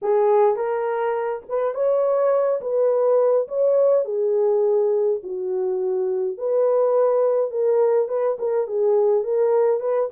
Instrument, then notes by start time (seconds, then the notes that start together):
horn
0.02 G#4
0.55 A#4
1.48 B4
1.74 C#5
2.61 B4
3.48 C#5
4.05 G#4
5.23 F#4
6.37 B4
7.50 A#4
8.08 B4
8.38 A#4
8.67 G#4
9.23 A#4
9.80 B4